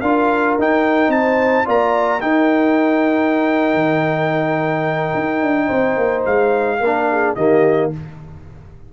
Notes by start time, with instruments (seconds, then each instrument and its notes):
0.00 tuba D4, trombone F4, horn A#4, trumpet F5
0.58 tuba D#4, trombone D#4, trumpet G5
1.08 tuba C4, horn C5, trumpet A5
1.64 tuba A#3, trombone F4, horn D5, trumpet A#5
2.20 trombone D#4, tuba D#4, horn A#4, trumpet G5
3.74 tuba D#3
5.14 tuba D#4
5.42 tuba D4
5.66 tuba C4, horn C5
5.96 tuba A#3
6.25 tuba G#3, trumpet F5
6.79 tuba A#3, trombone D4, horn A#4
7.10 horn G#4
7.35 tuba D#3, trombone A#3, horn G4, trumpet D#5